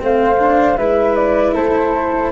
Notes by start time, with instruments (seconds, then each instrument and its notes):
0.00 tuba A3, cello C4, flute C5 F5
0.39 cello D4
0.78 tuba G#3, cello E4, flute B4 E5
1.16 flute D5
1.55 tuba A3, flute A4 C5